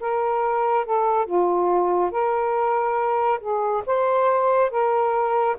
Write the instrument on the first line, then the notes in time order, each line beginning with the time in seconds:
saxophone
0.00 A#4
0.85 A4
1.25 F4
2.11 A#4
3.40 G#4
3.86 C5
4.70 A#4